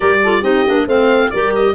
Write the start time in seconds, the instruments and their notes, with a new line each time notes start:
0.00 tuba G3, clarinet G4, horn A#4, oboe D5
0.23 clarinet F4, horn A4
0.42 tuba C4, clarinet D#4, horn G4, oboe D#5
0.66 tuba A#3, clarinet D4
0.86 tuba A3, clarinet C4, horn C5, oboe F5
1.30 tuba G3, clarinet G4, horn A#4, oboe D5
1.55 oboe D#5